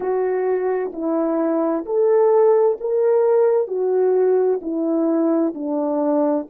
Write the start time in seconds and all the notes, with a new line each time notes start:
0.00 F#4
0.92 E4
1.85 A4
2.80 A#4
3.67 F#4
4.61 E4
5.54 D4